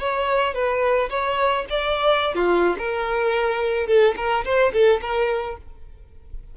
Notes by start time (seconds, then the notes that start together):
0.00 C#5
0.54 B4
1.10 C#5
1.70 D5
2.35 F4
2.79 A#4
3.87 A4
4.17 A#4
4.45 C5
4.73 A4
5.02 A#4